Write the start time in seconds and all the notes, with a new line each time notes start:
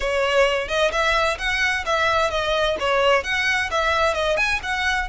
0.00 C#5
0.68 D#5
0.91 E5
1.38 F#5
1.85 E5
2.30 D#5
2.79 C#5
3.23 F#5
3.70 E5
4.13 D#5
4.36 G#5
4.63 F#5